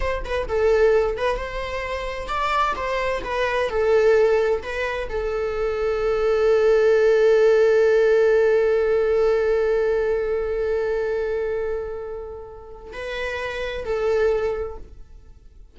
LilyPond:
\new Staff \with { instrumentName = "viola" } { \time 4/4 \tempo 4 = 130 c''8 b'8 a'4. b'8 c''4~ | c''4 d''4 c''4 b'4 | a'2 b'4 a'4~ | a'1~ |
a'1~ | a'1~ | a'1 | b'2 a'2 | }